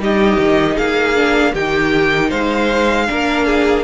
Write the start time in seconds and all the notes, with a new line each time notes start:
0.00 G3 D#4 G4 D#5
0.39 D#3
0.76 A#3 G#4 F5
1.16 D4
1.54 D#3 D#4 G4 G5
2.29 G#3 C5 F5
3.08 A#3 D4 A#4
3.46 G#4